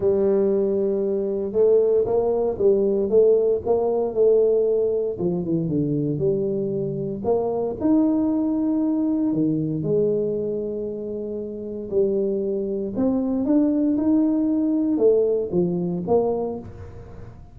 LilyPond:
\new Staff \with { instrumentName = "tuba" } { \time 4/4 \tempo 4 = 116 g2. a4 | ais4 g4 a4 ais4 | a2 f8 e8 d4 | g2 ais4 dis'4~ |
dis'2 dis4 gis4~ | gis2. g4~ | g4 c'4 d'4 dis'4~ | dis'4 a4 f4 ais4 | }